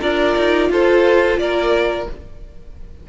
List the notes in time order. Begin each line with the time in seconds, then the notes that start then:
0.00 D4 F4 A#4 D5
0.37 D#4
0.69 F4 A4 C5
1.38 A#3 A#4 D5